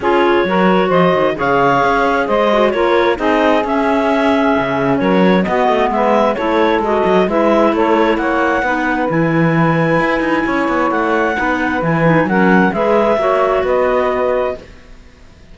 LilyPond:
<<
  \new Staff \with { instrumentName = "clarinet" } { \time 4/4 \tempo 4 = 132 cis''2 dis''4 f''4~ | f''4 dis''4 cis''4 dis''4 | e''2. cis''4 | dis''4 e''4 cis''4 dis''4 |
e''4 cis''4 fis''2 | gis''1 | fis''2 gis''4 fis''4 | e''2 dis''2 | }
  \new Staff \with { instrumentName = "saxophone" } { \time 4/4 gis'4 ais'4 c''4 cis''4~ | cis''4 c''4 ais'4 gis'4~ | gis'2. ais'4 | fis'4 b'4 a'2 |
b'4 a'4 cis''4 b'4~ | b'2. cis''4~ | cis''4 b'2 ais'4 | b'4 cis''4 b'2 | }
  \new Staff \with { instrumentName = "clarinet" } { \time 4/4 f'4 fis'2 gis'4~ | gis'4. fis'8 f'4 dis'4 | cis'1 | b2 e'4 fis'4 |
e'2. dis'4 | e'1~ | e'4 dis'4 e'8 dis'8 cis'4 | gis'4 fis'2. | }
  \new Staff \with { instrumentName = "cello" } { \time 4/4 cis'4 fis4 f8 dis8 cis4 | cis'4 gis4 ais4 c'4 | cis'2 cis4 fis4 | b8 a8 gis4 a4 gis8 fis8 |
gis4 a4 ais4 b4 | e2 e'8 dis'8 cis'8 b8 | a4 b4 e4 fis4 | gis4 ais4 b2 | }
>>